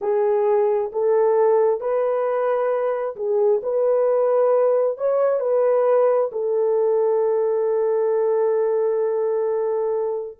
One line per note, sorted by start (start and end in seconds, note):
0.01 0.91 G#4
0.92 1.80 A4
1.80 3.15 B4
3.16 3.61 G#4
3.63 4.97 B4
4.97 5.40 C#5
5.40 6.30 B4
6.32 10.38 A4